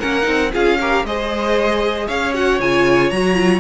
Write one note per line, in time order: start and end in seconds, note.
0.00 0.28 A#3
0.00 0.23 C#4
0.00 0.52 A#4
0.00 0.52 F#5
0.23 0.54 C4
0.23 0.49 D#4
0.53 1.04 C#4
0.53 0.79 F4
0.53 0.79 G#4
0.53 1.06 F5
0.81 1.07 G4
0.81 1.07 A#4
1.04 2.08 G#3
1.04 2.35 G#4
1.04 2.08 C5
1.04 2.08 D#5
2.08 2.60 C#4
2.08 3.60 C#5
2.08 2.34 F5
2.35 2.60 F#4
2.35 2.61 F#5
2.60 3.12 C#3
2.60 3.13 F4
2.60 3.10 G#5
3.10 3.60 F#3
3.10 3.35 F#4
3.10 3.60 A#5
3.35 3.60 F4